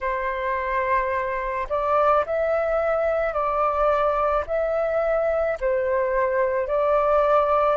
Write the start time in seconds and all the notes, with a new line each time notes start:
0.01 C5
1.69 D5
2.25 E5
3.33 D5
4.46 E5
5.60 C5
6.67 D5